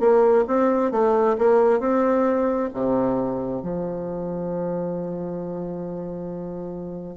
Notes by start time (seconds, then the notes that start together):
0.00 A#3
0.48 C4
0.92 A3
1.39 A#3
1.80 C4
2.74 C3
3.62 F3